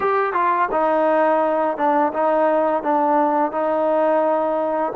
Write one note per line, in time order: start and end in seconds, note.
0.00 0.33 G4
0.33 0.68 F4
0.71 1.77 D#4
1.77 2.12 D4
2.13 2.82 D#4
2.82 3.51 D4
3.51 4.92 D#4